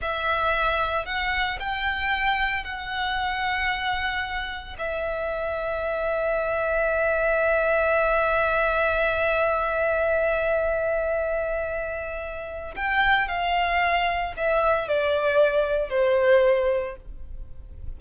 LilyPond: \new Staff \with { instrumentName = "violin" } { \time 4/4 \tempo 4 = 113 e''2 fis''4 g''4~ | g''4 fis''2.~ | fis''4 e''2.~ | e''1~ |
e''1~ | e''1 | g''4 f''2 e''4 | d''2 c''2 | }